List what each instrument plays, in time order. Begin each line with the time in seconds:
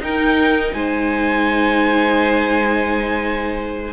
0.00 viola D#4, cello D#4, violin A#4 G5
0.73 cello G#3, violin C5 G#5